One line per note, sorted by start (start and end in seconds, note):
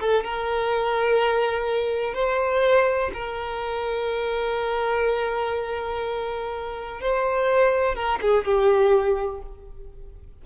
0.00 0.24 A4
0.24 2.14 A#4
2.14 3.11 C5
3.14 7.01 A#4
7.01 7.95 C5
7.95 8.19 A#4
8.22 8.45 G#4
8.45 9.41 G4